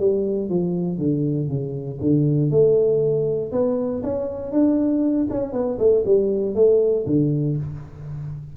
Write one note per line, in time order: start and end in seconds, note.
0.00 0.50 G3
0.50 0.99 F3
0.99 1.49 D3
1.49 1.99 C#3
2.01 2.51 D3
2.51 3.52 A3
3.52 4.03 B3
4.04 4.52 C#4
4.52 5.28 D4
5.31 5.53 C#4
5.53 5.78 B3
5.79 6.04 A3
6.06 6.55 G3
6.55 7.06 A3
7.07 7.57 D3